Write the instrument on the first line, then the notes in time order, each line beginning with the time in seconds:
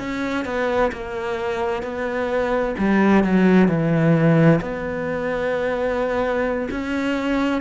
cello
0.00 C#4
0.46 B3
0.93 A#3
1.83 B3
2.79 G3
3.24 F#3
3.68 E3
4.62 B3
6.71 C#4